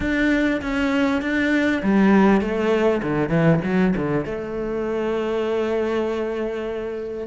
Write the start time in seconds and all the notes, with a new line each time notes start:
0.00 D4
0.61 C#4
1.21 D4
1.83 G3
2.41 A3
3.02 D3
3.29 E3
3.64 F#3
3.96 D3
4.25 A3